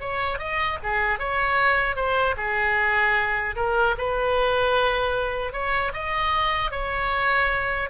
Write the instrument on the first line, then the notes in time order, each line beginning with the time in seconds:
oboe
0.00 C#5
0.39 D#5
0.83 G#4
1.19 C#5
1.96 C5
2.37 G#4
3.56 A#4
3.98 B4
5.53 C#5
5.94 D#5
6.71 C#5